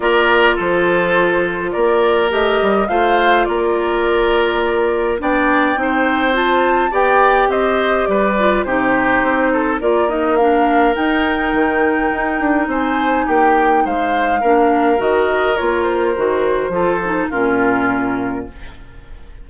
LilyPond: <<
  \new Staff \with { instrumentName = "flute" } { \time 4/4 \tempo 4 = 104 d''4 c''2 d''4 | dis''4 f''4 d''2~ | d''4 g''2 a''4 | g''4 dis''4 d''4 c''4~ |
c''4 d''8 dis''8 f''4 g''4~ | g''2 gis''4 g''4 | f''2 dis''4 cis''8 c''8~ | c''2 ais'2 | }
  \new Staff \with { instrumentName = "oboe" } { \time 4/4 ais'4 a'2 ais'4~ | ais'4 c''4 ais'2~ | ais'4 d''4 c''2 | d''4 c''4 b'4 g'4~ |
g'8 a'8 ais'2.~ | ais'2 c''4 g'4 | c''4 ais'2.~ | ais'4 a'4 f'2 | }
  \new Staff \with { instrumentName = "clarinet" } { \time 4/4 f'1 | g'4 f'2.~ | f'4 d'4 dis'4 f'4 | g'2~ g'8 f'8 dis'4~ |
dis'4 f'8 dis'8 d'4 dis'4~ | dis'1~ | dis'4 d'4 fis'4 f'4 | fis'4 f'8 dis'8 cis'2 | }
  \new Staff \with { instrumentName = "bassoon" } { \time 4/4 ais4 f2 ais4 | a8 g8 a4 ais2~ | ais4 b4 c'2 | b4 c'4 g4 c4 |
c'4 ais2 dis'4 | dis4 dis'8 d'8 c'4 ais4 | gis4 ais4 dis4 ais4 | dis4 f4 ais,2 | }
>>